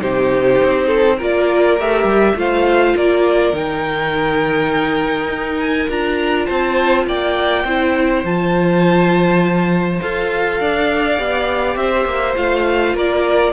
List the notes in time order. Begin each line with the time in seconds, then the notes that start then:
0.00 C3 D#4 G4 C5
0.63 C4
0.87 A4
1.17 A#3 F4 A#4
1.23 D5
1.79 A3 G4 E5
2.04 G3
2.35 A3 F4 C5 F5
2.96 A#3 A#4 D5
3.53 D#3 D#4 G5
5.28 D#4
5.60 G#5
5.89 D4 F4 A#5
6.46 C4 C5 A5
7.07 A#3 D5 G5
7.64 C4 E4 C5
8.24 F3 F4 A5
10.01 F4 A4 F5
10.60 D4 D5
11.18 B3 G4
11.76 C4 C5 E5
12.05 A#3
12.35 A3 F4 F5
12.94 A#3 A#4 D5